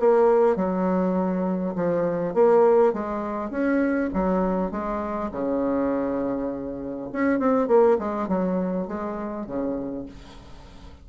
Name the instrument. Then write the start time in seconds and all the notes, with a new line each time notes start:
bassoon
0.00 A#3
0.56 F#3
1.76 F3
2.34 A#3
2.94 G#3
3.51 C#4
4.14 F#3
4.71 G#3
5.32 C#3
7.13 C#4
7.40 C4
7.68 A#3
7.99 G#3
8.28 F#3
8.88 G#3
9.47 C#3